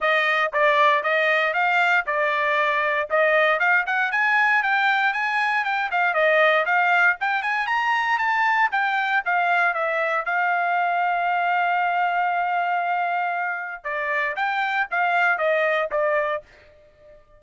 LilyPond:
\new Staff \with { instrumentName = "trumpet" } { \time 4/4 \tempo 4 = 117 dis''4 d''4 dis''4 f''4 | d''2 dis''4 f''8 fis''8 | gis''4 g''4 gis''4 g''8 f''8 | dis''4 f''4 g''8 gis''8 ais''4 |
a''4 g''4 f''4 e''4 | f''1~ | f''2. d''4 | g''4 f''4 dis''4 d''4 | }